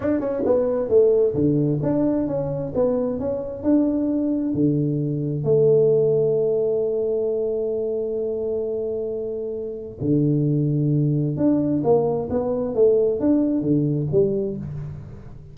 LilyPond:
\new Staff \with { instrumentName = "tuba" } { \time 4/4 \tempo 4 = 132 d'8 cis'8 b4 a4 d4 | d'4 cis'4 b4 cis'4 | d'2 d2 | a1~ |
a1~ | a2 d2~ | d4 d'4 ais4 b4 | a4 d'4 d4 g4 | }